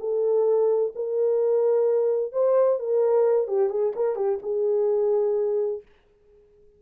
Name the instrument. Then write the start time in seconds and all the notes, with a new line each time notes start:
horn
0.00 A4
0.95 A#4
2.33 C5
2.79 A#4
3.48 G4
3.70 G#4
3.96 A#4
4.16 G4
4.43 G#4